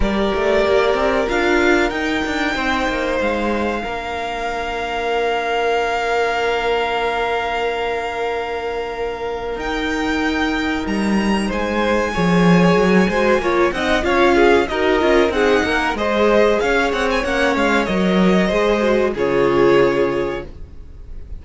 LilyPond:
<<
  \new Staff \with { instrumentName = "violin" } { \time 4/4 \tempo 4 = 94 d''2 f''4 g''4~ | g''4 f''2.~ | f''1~ | f''2. g''4~ |
g''4 ais''4 gis''2~ | gis''4. fis''8 f''4 dis''4 | fis''4 dis''4 f''8 fis''16 gis''16 fis''8 f''8 | dis''2 cis''2 | }
  \new Staff \with { instrumentName = "violin" } { \time 4/4 ais'1 | c''2 ais'2~ | ais'1~ | ais'1~ |
ais'2 c''4 cis''4~ | cis''8 c''8 cis''8 dis''8 cis''8 gis'8 ais'4 | gis'8 ais'8 c''4 cis''2~ | cis''4 c''4 gis'2 | }
  \new Staff \with { instrumentName = "viola" } { \time 4/4 g'2 f'4 dis'4~ | dis'2 d'2~ | d'1~ | d'2. dis'4~ |
dis'2. gis'4~ | gis'8 fis'8 f'8 dis'8 f'4 fis'8 f'8 | dis'4 gis'2 cis'4 | ais'4 gis'8 fis'8 f'2 | }
  \new Staff \with { instrumentName = "cello" } { \time 4/4 g8 a8 ais8 c'8 d'4 dis'8 d'8 | c'8 ais8 gis4 ais2~ | ais1~ | ais2. dis'4~ |
dis'4 g4 gis4 f4 | fis8 gis8 ais8 c'8 cis'4 dis'8 cis'8 | c'8 ais8 gis4 cis'8 c'8 ais8 gis8 | fis4 gis4 cis2 | }
>>